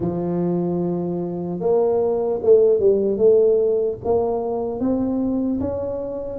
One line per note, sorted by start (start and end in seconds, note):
0.00 1.60 F3
1.60 2.40 A#3
2.42 2.79 A3
2.79 3.17 G3
3.17 3.97 A3
4.04 4.80 A#3
4.80 5.60 C4
5.60 6.39 C#4